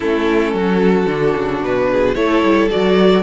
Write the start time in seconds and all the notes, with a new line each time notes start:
0.00 A3 C#4 E4 A4
0.53 F#3 F#4
1.06 D3 D4
1.35 C#3
1.61 B2 B4
1.91 G#4
2.15 A3 E4 A4 C#5
2.43 G3
2.70 F#3 F#4 D5